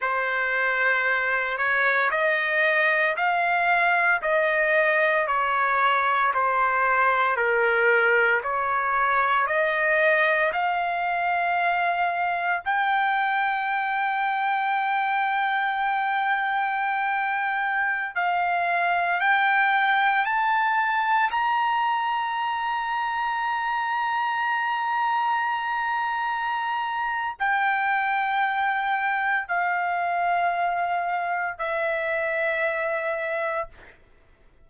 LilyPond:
\new Staff \with { instrumentName = "trumpet" } { \time 4/4 \tempo 4 = 57 c''4. cis''8 dis''4 f''4 | dis''4 cis''4 c''4 ais'4 | cis''4 dis''4 f''2 | g''1~ |
g''4~ g''16 f''4 g''4 a''8.~ | a''16 ais''2.~ ais''8.~ | ais''2 g''2 | f''2 e''2 | }